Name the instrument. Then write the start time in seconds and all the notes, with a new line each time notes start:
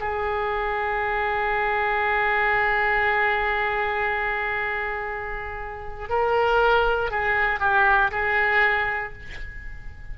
oboe
0.00 G#4
6.09 A#4
7.11 G#4
7.60 G4
8.11 G#4